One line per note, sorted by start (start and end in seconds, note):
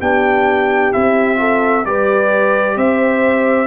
0.00 0.93 B3
0.00 0.92 D4
0.00 1.39 G4
0.00 0.92 G5
0.92 1.86 C4
0.92 1.36 E4
0.92 1.85 E5
1.36 1.82 F4
1.36 1.85 A4
1.85 2.76 G3
1.85 3.66 G4
1.85 2.76 B4
1.85 2.77 D5
2.76 3.66 C4
2.76 3.66 C5
2.76 3.66 E5